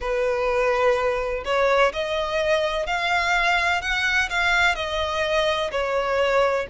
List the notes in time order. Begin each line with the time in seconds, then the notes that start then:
0.00 B4
1.44 C#5
1.93 D#5
2.86 F5
3.81 F#5
4.29 F5
4.75 D#5
5.71 C#5